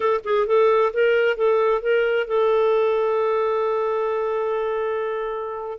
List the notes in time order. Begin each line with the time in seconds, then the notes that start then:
0.00 A4
0.24 G#4
0.46 A4
0.93 A#4
1.36 A4
1.81 A#4
2.27 A4